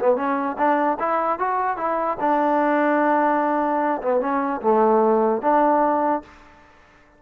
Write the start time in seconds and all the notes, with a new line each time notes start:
0.00 B3
0.16 C#4
0.58 D4
1.00 E4
1.39 F#4
1.77 E4
2.21 D4
4.02 B3
4.21 C#4
4.61 A3
5.42 D4